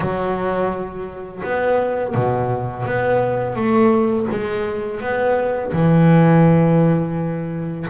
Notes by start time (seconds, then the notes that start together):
0.00 F#3
1.43 B3
2.14 B2
2.85 B3
3.55 A3
4.31 G#3
5.00 B3
5.72 E3